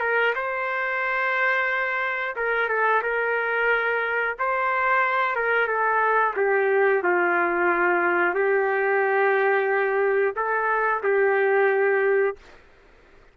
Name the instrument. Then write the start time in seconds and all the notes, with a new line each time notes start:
trumpet
0.00 A#4
0.35 C5
2.36 A#4
2.68 A4
3.02 A#4
4.38 C5
5.35 A#4
5.67 A4
6.36 G4
7.03 F4
8.34 G4
10.35 A4
11.03 G4